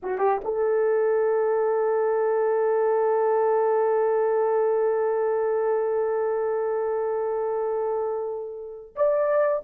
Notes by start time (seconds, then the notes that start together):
0.02 F#4
0.18 G4
0.44 A4
8.95 D5